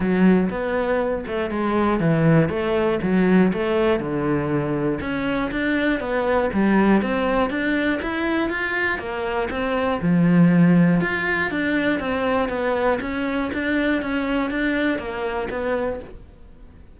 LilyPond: \new Staff \with { instrumentName = "cello" } { \time 4/4 \tempo 4 = 120 fis4 b4. a8 gis4 | e4 a4 fis4 a4 | d2 cis'4 d'4 | b4 g4 c'4 d'4 |
e'4 f'4 ais4 c'4 | f2 f'4 d'4 | c'4 b4 cis'4 d'4 | cis'4 d'4 ais4 b4 | }